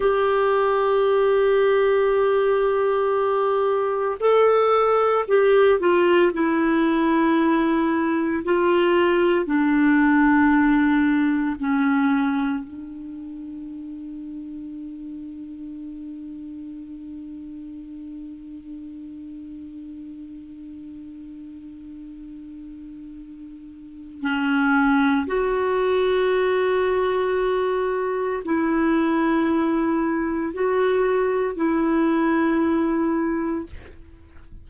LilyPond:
\new Staff \with { instrumentName = "clarinet" } { \time 4/4 \tempo 4 = 57 g'1 | a'4 g'8 f'8 e'2 | f'4 d'2 cis'4 | d'1~ |
d'1~ | d'2. cis'4 | fis'2. e'4~ | e'4 fis'4 e'2 | }